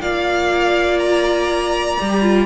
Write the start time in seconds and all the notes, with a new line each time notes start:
0.00 A#3 F4 D5 F5
0.99 A#5
1.99 G3 G4
2.22 F4